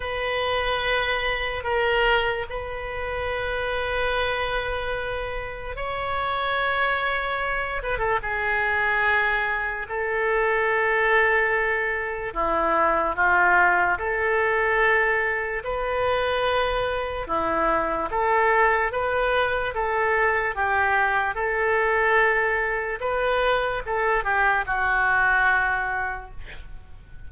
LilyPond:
\new Staff \with { instrumentName = "oboe" } { \time 4/4 \tempo 4 = 73 b'2 ais'4 b'4~ | b'2. cis''4~ | cis''4. b'16 a'16 gis'2 | a'2. e'4 |
f'4 a'2 b'4~ | b'4 e'4 a'4 b'4 | a'4 g'4 a'2 | b'4 a'8 g'8 fis'2 | }